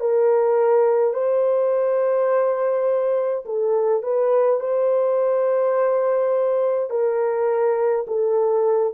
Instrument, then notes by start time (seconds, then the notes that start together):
horn
0.00 A#4
1.14 C5
3.46 A4
4.03 B4
4.60 C5
6.90 A#4
8.07 A4